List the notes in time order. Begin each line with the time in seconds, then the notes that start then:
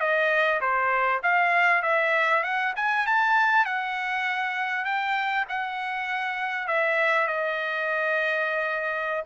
0.00 D#5
0.61 C5
1.23 F5
1.83 E5
2.43 F#5
2.76 G#5
3.06 A5
3.65 F#5
4.85 G5
5.49 F#5
6.67 E5
7.27 D#5